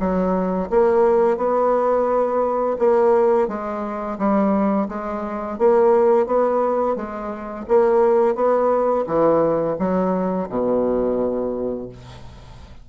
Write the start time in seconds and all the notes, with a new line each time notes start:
0.00 F#3
0.70 A#3
1.37 B3
2.79 A#3
3.48 G#3
4.19 G3
4.89 G#3
5.58 A#3
6.27 B3
6.96 G#3
7.68 A#3
8.35 B3
9.07 E3
9.79 F#3
10.49 B2